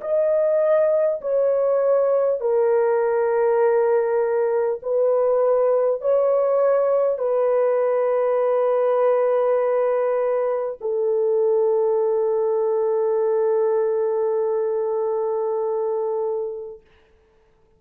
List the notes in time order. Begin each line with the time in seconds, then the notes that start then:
0.00 D#5
1.21 C#5
2.40 A#4
4.82 B4
6.01 C#5
7.18 B4
10.81 A4